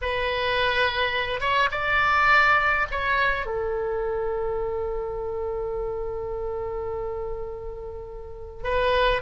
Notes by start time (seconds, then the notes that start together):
0.01 B4
1.40 C#5
1.71 D5
2.91 C#5
3.46 A4
8.63 B4